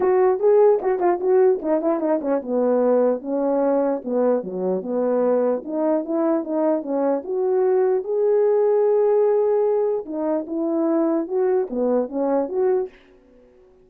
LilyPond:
\new Staff \with { instrumentName = "horn" } { \time 4/4 \tempo 4 = 149 fis'4 gis'4 fis'8 f'8 fis'4 | dis'8 e'8 dis'8 cis'8 b2 | cis'2 b4 fis4 | b2 dis'4 e'4 |
dis'4 cis'4 fis'2 | gis'1~ | gis'4 dis'4 e'2 | fis'4 b4 cis'4 fis'4 | }